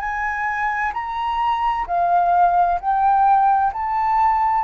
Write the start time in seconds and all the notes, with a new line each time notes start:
0.00 G#5
0.94 A#5
1.87 F5
2.80 G5
3.73 A5